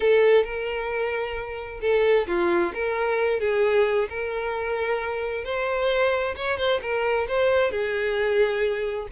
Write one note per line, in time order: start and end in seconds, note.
0.00 0.43 A4
0.43 1.80 A#4
1.81 2.26 A4
2.27 2.72 F4
2.74 3.40 A#4
3.40 4.08 G#4
4.09 5.44 A#4
5.44 6.35 C5
6.36 6.57 C#5
6.57 6.80 C5
6.82 7.27 A#4
7.28 7.71 C5
7.71 9.07 G#4